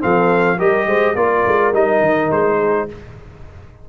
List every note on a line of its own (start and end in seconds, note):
0.00 0.61 F3
0.00 0.58 C4
0.00 0.58 A4
0.00 0.60 F5
0.58 0.87 G3
0.58 1.16 G4
0.58 0.87 A#4
0.58 1.16 D#5
0.87 1.15 G#3
0.87 1.17 C5
1.15 1.44 A#3
1.15 1.73 F4
1.15 2.58 A#4
1.15 1.73 D5
1.47 1.73 G#3
1.73 2.01 G3
1.73 2.89 D#4
1.73 2.32 D#5
2.01 2.30 D#3
2.31 2.89 G#3
2.31 2.89 C5
2.58 2.87 G#4